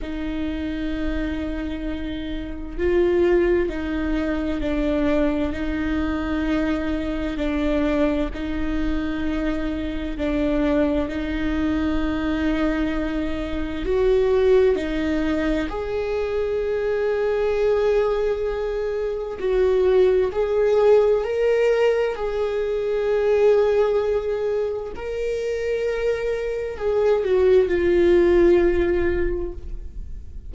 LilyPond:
\new Staff \with { instrumentName = "viola" } { \time 4/4 \tempo 4 = 65 dis'2. f'4 | dis'4 d'4 dis'2 | d'4 dis'2 d'4 | dis'2. fis'4 |
dis'4 gis'2.~ | gis'4 fis'4 gis'4 ais'4 | gis'2. ais'4~ | ais'4 gis'8 fis'8 f'2 | }